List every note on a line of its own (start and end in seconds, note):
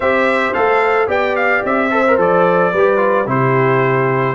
0.00 0.54 C4
0.00 0.54 G4
0.00 1.07 C5
0.00 0.53 E5
0.53 1.07 A3
0.53 1.07 A4
0.53 1.08 F5
1.07 1.62 B3
1.07 1.89 G4
1.07 1.89 D5
1.07 1.35 G5
1.35 1.63 F5
1.64 2.17 C4
1.64 2.20 E5
1.90 2.04 A4
1.90 2.72 C5
2.07 2.18 A#4
2.17 2.72 F3
2.17 2.72 A4
2.17 3.29 D5
2.72 3.27 G3
2.72 2.97 G4
2.72 3.27 B4
2.97 3.24 F4
3.27 4.35 C3
3.27 4.35 E4
3.27 4.35 G4
3.27 4.35 C5